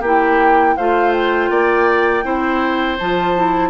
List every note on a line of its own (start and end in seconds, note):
0.00 0.75 A#3
0.00 0.78 E4
0.00 0.74 G4
0.00 0.77 G5
0.77 1.50 A3
0.77 2.23 F4
0.77 1.50 C5
0.77 1.12 F5
1.12 2.98 G5
1.50 2.24 A#3
1.50 2.24 D5
2.23 2.98 C4
2.23 2.97 E4
2.23 3.69 C5
2.98 3.69 F3
2.98 3.35 F4
2.98 3.69 A5
3.35 3.69 E4